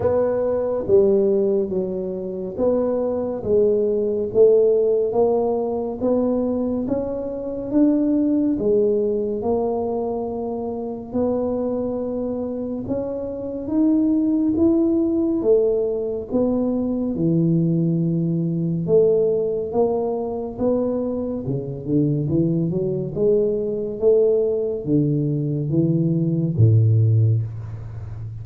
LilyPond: \new Staff \with { instrumentName = "tuba" } { \time 4/4 \tempo 4 = 70 b4 g4 fis4 b4 | gis4 a4 ais4 b4 | cis'4 d'4 gis4 ais4~ | ais4 b2 cis'4 |
dis'4 e'4 a4 b4 | e2 a4 ais4 | b4 cis8 d8 e8 fis8 gis4 | a4 d4 e4 a,4 | }